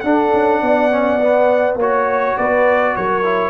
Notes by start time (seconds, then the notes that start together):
0.00 D4 A4 F#5
0.33 C#4
0.61 B3 D5
0.91 C#4
1.21 B3
1.76 A#3 F#4 C#5
2.36 B3 B4 D5
2.96 F#3 A#4 C#5
3.24 E4